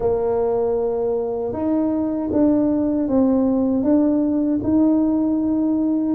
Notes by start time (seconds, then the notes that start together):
0.00 A#3
1.52 D#4
2.32 D4
3.08 C4
3.83 D4
4.63 D#4